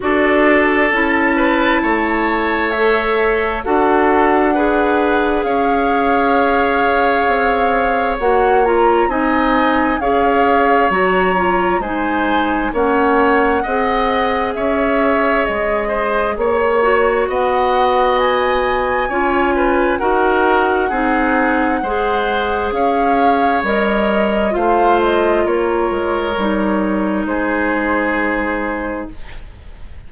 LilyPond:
<<
  \new Staff \with { instrumentName = "flute" } { \time 4/4 \tempo 4 = 66 d''4 a''2 e''4 | fis''2 f''2~ | f''4 fis''8 ais''8 gis''4 f''4 | ais''4 gis''4 fis''2 |
e''4 dis''4 cis''4 fis''4 | gis''2 fis''2~ | fis''4 f''4 dis''4 f''8 dis''8 | cis''2 c''2 | }
  \new Staff \with { instrumentName = "oboe" } { \time 4/4 a'4. b'8 cis''2 | a'4 b'4 cis''2~ | cis''2 dis''4 cis''4~ | cis''4 c''4 cis''4 dis''4 |
cis''4. c''8 cis''4 dis''4~ | dis''4 cis''8 b'8 ais'4 gis'4 | c''4 cis''2 c''4 | ais'2 gis'2 | }
  \new Staff \with { instrumentName = "clarinet" } { \time 4/4 fis'4 e'2 a'4 | fis'4 gis'2.~ | gis'4 fis'8 f'8 dis'4 gis'4 | fis'8 f'8 dis'4 cis'4 gis'4~ |
gis'2~ gis'8 fis'4.~ | fis'4 f'4 fis'4 dis'4 | gis'2 ais'4 f'4~ | f'4 dis'2. | }
  \new Staff \with { instrumentName = "bassoon" } { \time 4/4 d'4 cis'4 a2 | d'2 cis'2 | c'4 ais4 c'4 cis'4 | fis4 gis4 ais4 c'4 |
cis'4 gis4 ais4 b4~ | b4 cis'4 dis'4 c'4 | gis4 cis'4 g4 a4 | ais8 gis8 g4 gis2 | }
>>